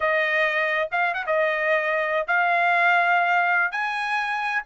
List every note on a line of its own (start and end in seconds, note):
0.00 0.89 D#5
0.91 1.13 F5
1.13 1.25 F#5
1.26 2.27 D#5
2.27 3.71 F5
3.71 4.62 G#5